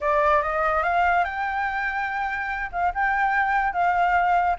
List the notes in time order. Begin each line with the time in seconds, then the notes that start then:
0.00 D5
0.42 D#5
0.83 F5
1.24 G5
2.71 F5
2.94 G5
3.73 F5